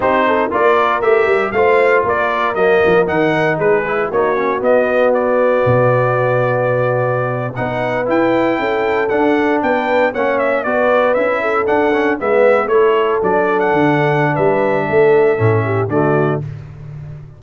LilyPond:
<<
  \new Staff \with { instrumentName = "trumpet" } { \time 4/4 \tempo 4 = 117 c''4 d''4 e''4 f''4 | d''4 dis''4 fis''4 b'4 | cis''4 dis''4 d''2~ | d''2~ d''8. fis''4 g''16~ |
g''4.~ g''16 fis''4 g''4 fis''16~ | fis''16 e''8 d''4 e''4 fis''4 e''16~ | e''8. cis''4 d''8. fis''4. | e''2. d''4 | }
  \new Staff \with { instrumentName = "horn" } { \time 4/4 g'8 a'8 ais'2 c''4 | ais'2. gis'4 | fis'1~ | fis'2~ fis'8. b'4~ b'16~ |
b'8. a'2 b'4 cis''16~ | cis''8. b'4. a'4. b'16~ | b'8. a'2.~ a'16 | b'4 a'4. g'8 fis'4 | }
  \new Staff \with { instrumentName = "trombone" } { \time 4/4 dis'4 f'4 g'4 f'4~ | f'4 ais4 dis'4. e'8 | dis'8 cis'8 b2.~ | b2~ b8. dis'4 e'16~ |
e'4.~ e'16 d'2 cis'16~ | cis'8. fis'4 e'4 d'8 cis'8 b16~ | b8. e'4 d'2~ d'16~ | d'2 cis'4 a4 | }
  \new Staff \with { instrumentName = "tuba" } { \time 4/4 c'4 ais4 a8 g8 a4 | ais4 fis8 f8 dis4 gis4 | ais4 b2 b,4~ | b,2~ b,8. b4 e'16~ |
e'8. cis'4 d'4 b4 ais16~ | ais8. b4 cis'4 d'4 gis16~ | gis8. a4 fis4 d4~ d16 | g4 a4 a,4 d4 | }
>>